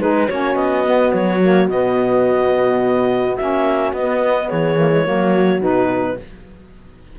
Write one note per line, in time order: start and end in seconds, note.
0.00 0.28 G#3
0.00 0.28 D#4
0.00 0.26 G#4
0.00 0.28 B4
0.26 0.55 A#3
0.26 0.85 C#4
0.26 4.47 F#4
0.26 0.55 C#5
0.55 1.11 B3
0.55 1.11 D#5
0.85 1.41 B3
1.12 1.68 F#3
1.12 1.68 C#5
1.41 1.69 A#3
1.68 3.36 B2
1.68 3.39 B3
1.68 3.36 D#5
3.36 3.93 A#3
3.36 3.95 C#4
3.36 3.92 E5
3.93 4.49 B3
3.93 4.77 B3
3.93 4.49 D#5
4.48 5.08 E3
4.48 5.04 G#4
4.48 5.61 C#5
4.77 4.91 A#3
4.92 5.04 G#3
5.04 5.61 F#3
5.04 5.60 A#3
5.04 6.16 F#4
5.60 6.17 B2
5.60 6.16 D#4
5.60 6.19 B4